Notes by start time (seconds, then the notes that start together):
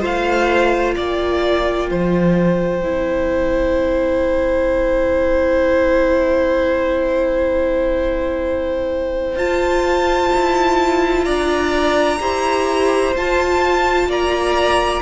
0.00 A3 F4 C5 F5
0.95 A#3 D5 G5
1.90 F3 C5
2.82 C4 E4
9.36 F4 A5
10.34 E4
11.24 D4 D5 A#5
12.20 E4 G4 C5
13.15 F4 A5
14.06 A#3 D5 A#5